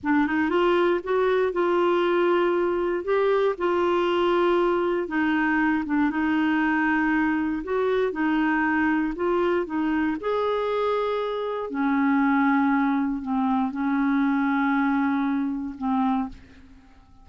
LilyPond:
\new Staff \with { instrumentName = "clarinet" } { \time 4/4 \tempo 4 = 118 d'8 dis'8 f'4 fis'4 f'4~ | f'2 g'4 f'4~ | f'2 dis'4. d'8 | dis'2. fis'4 |
dis'2 f'4 dis'4 | gis'2. cis'4~ | cis'2 c'4 cis'4~ | cis'2. c'4 | }